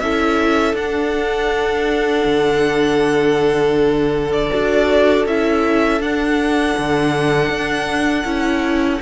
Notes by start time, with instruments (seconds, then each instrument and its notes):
0.00 cello C#4, viola E4, violin A4 E5
0.74 cello D4, viola D4, violin F#5
2.25 cello D3
4.32 violin D5
4.52 cello D4, viola F#4
5.26 cello C#4, viola E4, violin E5
6.01 cello D4, viola D4, violin F#5
6.78 cello D3
7.50 cello D4
8.25 cello C#4, viola E4